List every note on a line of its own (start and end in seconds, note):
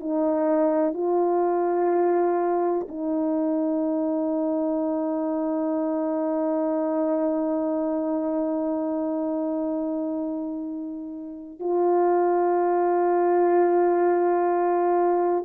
0.00 0.94 D#4
0.94 2.87 F4
2.89 11.60 D#4
11.60 15.45 F4